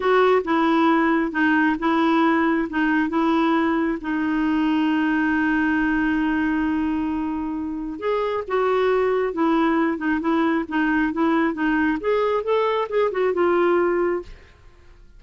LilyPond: \new Staff \with { instrumentName = "clarinet" } { \time 4/4 \tempo 4 = 135 fis'4 e'2 dis'4 | e'2 dis'4 e'4~ | e'4 dis'2.~ | dis'1~ |
dis'2 gis'4 fis'4~ | fis'4 e'4. dis'8 e'4 | dis'4 e'4 dis'4 gis'4 | a'4 gis'8 fis'8 f'2 | }